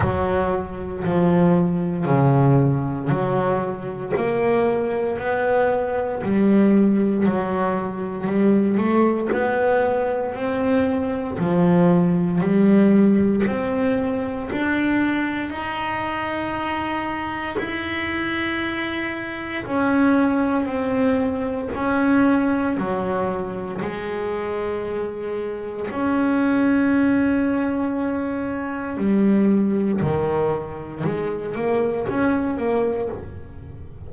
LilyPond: \new Staff \with { instrumentName = "double bass" } { \time 4/4 \tempo 4 = 58 fis4 f4 cis4 fis4 | ais4 b4 g4 fis4 | g8 a8 b4 c'4 f4 | g4 c'4 d'4 dis'4~ |
dis'4 e'2 cis'4 | c'4 cis'4 fis4 gis4~ | gis4 cis'2. | g4 dis4 gis8 ais8 cis'8 ais8 | }